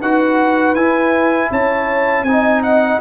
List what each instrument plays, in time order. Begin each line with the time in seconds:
0.00 tuba D#4, trombone F#4, horn B4, trumpet F#5
0.74 tuba E4, trombone E4, trumpet G#5
1.50 tuba C#4, horn C#5, trumpet A5
2.22 tuba C4, trombone D#4, horn D#5, trumpet G#5
2.63 trumpet F#5